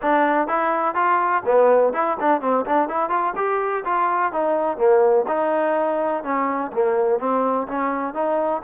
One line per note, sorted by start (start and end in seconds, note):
0.02 0.47 D4
0.47 0.94 E4
0.94 1.42 F4
1.45 1.93 B3
1.93 2.17 E4
2.20 2.41 D4
2.41 2.65 C4
2.65 2.88 D4
2.88 3.09 E4
3.09 3.33 F4
3.36 3.84 G4
3.84 4.32 F4
4.32 4.77 D#4
4.77 5.25 A#3
5.27 6.23 D#4
6.23 6.71 C#4
6.72 7.19 A#3
7.19 7.67 C4
7.67 8.14 C#4
8.14 8.62 D#4